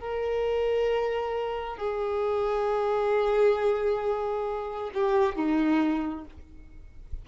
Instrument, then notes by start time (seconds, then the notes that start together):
violin
0.00 A#4
1.77 G#4
4.94 G4
5.36 D#4